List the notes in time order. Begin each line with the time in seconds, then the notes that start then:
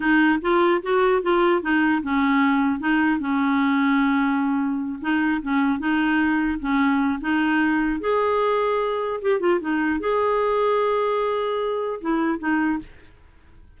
0.00 D#4
0.41 F4
0.82 F#4
1.22 F4
1.62 D#4
2.02 C#4
2.79 D#4
3.19 C#4
5.01 D#4
5.42 C#4
5.79 D#4
6.59 C#4
7.20 D#4
8.00 G#4
9.21 G4
9.39 F4
9.60 D#4
10.00 G#4
12.00 E4
12.38 D#4